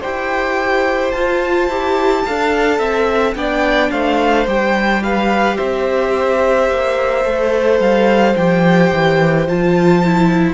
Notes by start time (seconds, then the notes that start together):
0.00 E4 G4 C5 G5
1.11 F4 A5
1.68 E4 G4
2.25 D4 A4 F5
2.78 C4 E5
3.35 B3 D4 D5 G5
3.91 A3 C5 F5
4.46 G3 G4 G5
5.03 B4 F5
5.57 C4 C5 E5
6.69 A#3
7.25 A3 A4
7.79 G3 F5
8.36 F3 G4 G5
8.93 E3
9.47 F3 F4 A5
10.04 E4